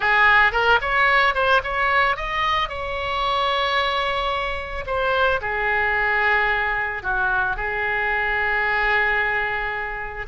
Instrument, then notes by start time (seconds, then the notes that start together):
oboe
0.00 G#4
0.52 A#4
0.81 C#5
1.34 C5
1.63 C#5
2.16 D#5
2.68 C#5
4.86 C5
5.41 G#4
7.02 F#4
7.56 G#4